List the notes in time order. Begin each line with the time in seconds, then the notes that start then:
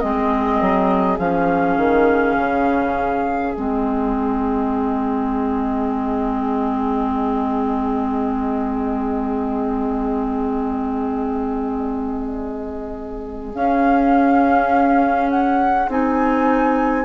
0.00 G#3 C4 G#4 D#5
0.62 F#3
1.19 F3 C#4 F5
1.77 D#3
2.37 C#3
3.54 G#3 C4 D#5
13.54 C#4 F5
15.31 F#5
15.89 C4 D#4 G#5